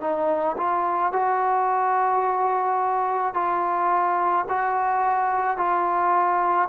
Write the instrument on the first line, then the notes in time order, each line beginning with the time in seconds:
trombone
0.00 D#4
0.57 F4
1.12 F#4
3.33 F4
4.48 F#4
5.57 F4